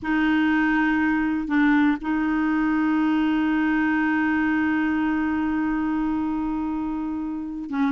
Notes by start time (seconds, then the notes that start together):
0.02 D#4
1.47 D4
2.01 D#4
7.69 C#4